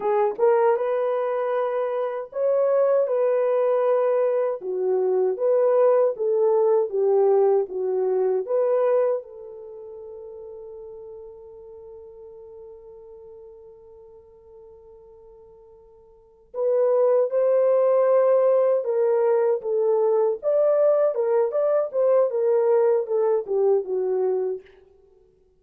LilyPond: \new Staff \with { instrumentName = "horn" } { \time 4/4 \tempo 4 = 78 gis'8 ais'8 b'2 cis''4 | b'2 fis'4 b'4 | a'4 g'4 fis'4 b'4 | a'1~ |
a'1~ | a'4. b'4 c''4.~ | c''8 ais'4 a'4 d''4 ais'8 | d''8 c''8 ais'4 a'8 g'8 fis'4 | }